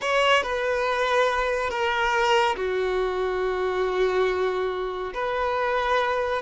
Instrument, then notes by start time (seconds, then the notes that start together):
violin
0.01 C#5
0.42 B4
1.69 A#4
2.56 F#4
5.14 B4